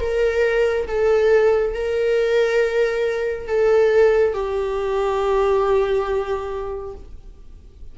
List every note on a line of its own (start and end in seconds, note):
0.00 0.87 A#4
0.87 1.74 A4
1.74 3.47 A#4
3.47 4.34 A4
4.34 6.94 G4